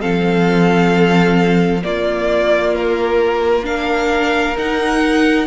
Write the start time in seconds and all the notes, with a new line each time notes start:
0.00 F3 C4 A4 F5
1.83 A#3 F4 D5
2.75 A#4
3.64 D4 A#4 F5
4.57 D#4 F#5